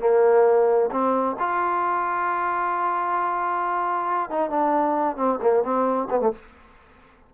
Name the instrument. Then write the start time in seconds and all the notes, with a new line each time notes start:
trombone
0.00 A#3
0.91 C4
1.39 F4
4.30 D#4
4.51 D4
5.17 C4
5.42 A#3
5.63 C4
6.10 B3
6.21 A3